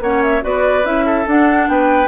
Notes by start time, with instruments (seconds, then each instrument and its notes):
0.00 bassoon A#3, clarinet C#4, oboe C#5, flute F#5
0.22 flute E5
0.41 bassoon B3, clarinet F#4, oboe B4, flute D5
0.83 bassoon C#4, clarinet E4, flute E5
1.05 oboe A4
1.26 bassoon D4, clarinet D4, flute F#5
1.68 bassoon B3, oboe B4, flute G5